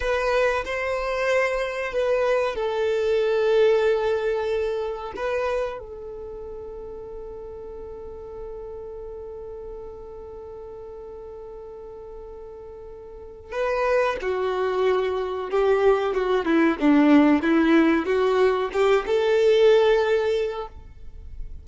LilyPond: \new Staff \with { instrumentName = "violin" } { \time 4/4 \tempo 4 = 93 b'4 c''2 b'4 | a'1 | b'4 a'2.~ | a'1~ |
a'1~ | a'4 b'4 fis'2 | g'4 fis'8 e'8 d'4 e'4 | fis'4 g'8 a'2~ a'8 | }